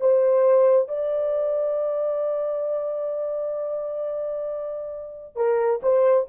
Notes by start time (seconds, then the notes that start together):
0.00 C5
0.88 D5
5.36 A#4
5.82 C5